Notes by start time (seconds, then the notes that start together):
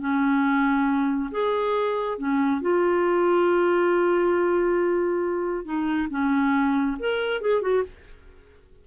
0.00 C#4
1.32 G#4
2.18 C#4
2.62 F4
5.65 D#4
6.11 C#4
7.00 A#4
7.42 G#4
7.62 F#4